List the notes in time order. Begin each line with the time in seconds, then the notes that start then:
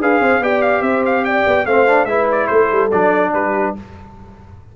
0.00 D4 G#4 B4 F5
0.19 C4 C5
0.39 B3 G4 D5 G5
0.61 F5
0.81 C4 C5 E5
1.05 F5
1.24 D5 G5
1.46 B3
1.65 A3 C4 C5 F5
1.87 D4
2.05 G#3 E4 B4 E5
2.31 D5
2.47 A3 A4 C5
2.71 G3
2.91 F#3 D4 D5
3.33 G3 G4 B4